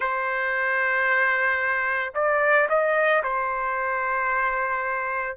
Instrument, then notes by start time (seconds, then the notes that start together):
trumpet
0.00 C5
2.14 D5
2.69 D#5
3.23 C5